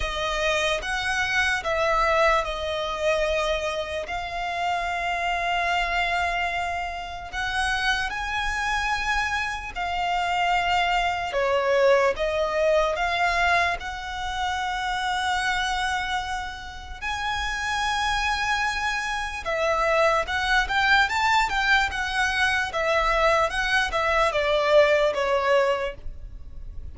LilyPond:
\new Staff \with { instrumentName = "violin" } { \time 4/4 \tempo 4 = 74 dis''4 fis''4 e''4 dis''4~ | dis''4 f''2.~ | f''4 fis''4 gis''2 | f''2 cis''4 dis''4 |
f''4 fis''2.~ | fis''4 gis''2. | e''4 fis''8 g''8 a''8 g''8 fis''4 | e''4 fis''8 e''8 d''4 cis''4 | }